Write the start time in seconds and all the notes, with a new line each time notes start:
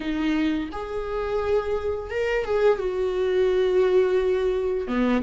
0.00 D#4
0.72 G#4
2.10 A#4
2.45 G#4
2.78 F#4
4.87 B3